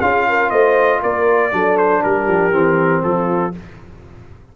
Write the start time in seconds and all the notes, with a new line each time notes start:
0.00 C#4 F4 G#4 F5
0.28 A#4
0.50 A3 C5 D#5
1.02 A#3 A#4 D5
1.51 F#3 D4 A4
1.77 C5
2.02 G3 G4 A#4
2.27 F3
2.51 E3 C4
3.03 F3 F4 A4